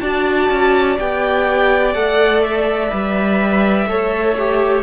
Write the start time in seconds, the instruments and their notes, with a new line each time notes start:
0.00 cello D4, viola F#4, violin D5 A5
0.49 cello C#4
0.98 cello B3, viola G4, violin G5
1.93 cello A3, viola A4, violin F#5
2.43 violin E5
2.90 cello G3, viola B4
3.86 cello A3, viola A4, violin C#5
4.38 viola G4